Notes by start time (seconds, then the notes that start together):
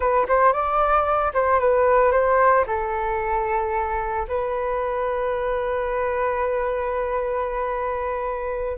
0.00 B4
0.28 C5
0.52 D5
1.33 C5
1.59 B4
2.11 C5
2.67 A4
4.28 B4